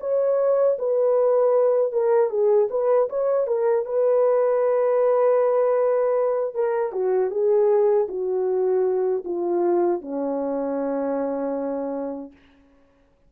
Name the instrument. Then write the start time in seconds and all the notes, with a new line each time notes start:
horn
0.00 C#5
0.79 B4
1.92 A#4
2.30 G#4
2.70 B4
3.09 C#5
3.47 A#4
3.85 B4
6.54 A#4
6.92 F#4
7.30 G#4
8.08 F#4
9.24 F4
10.01 C#4